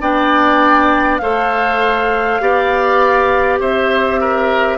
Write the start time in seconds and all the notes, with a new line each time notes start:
0.00 B3 D4 D5 G5
1.17 A3 A4 C5 F5
2.40 B3 G4 D5
3.59 C4 C5 E5
4.20 A#4